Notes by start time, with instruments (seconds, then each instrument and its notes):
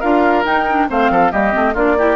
0.00 bassoon D4, clarinet F4, oboe A#4, flute F5
0.45 bassoon D#4, clarinet D#4, flute G5
0.70 clarinet D4
0.89 bassoon A3, clarinet C4, oboe C5, flute F5
1.10 bassoon F3, oboe A4
1.31 bassoon G3, clarinet A#3, oboe G4, flute D#5
1.52 bassoon A3, clarinet C4
1.74 bassoon A#3, clarinet D4, oboe F4, flute D5
1.98 clarinet E4, oboe G4